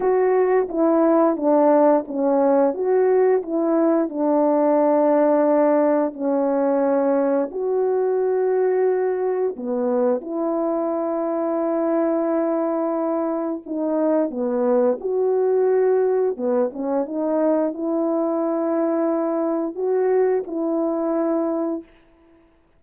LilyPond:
\new Staff \with { instrumentName = "horn" } { \time 4/4 \tempo 4 = 88 fis'4 e'4 d'4 cis'4 | fis'4 e'4 d'2~ | d'4 cis'2 fis'4~ | fis'2 b4 e'4~ |
e'1 | dis'4 b4 fis'2 | b8 cis'8 dis'4 e'2~ | e'4 fis'4 e'2 | }